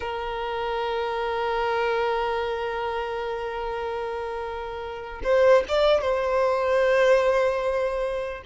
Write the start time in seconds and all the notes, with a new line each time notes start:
0.00 A#4
5.23 C5
5.68 D5
6.01 C5